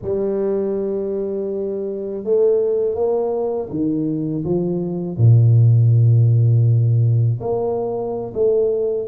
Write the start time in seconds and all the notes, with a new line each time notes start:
0.02 G3
2.24 A3
2.95 A#3
3.70 D#3
4.44 F3
5.17 A#2
7.40 A#3
8.34 A3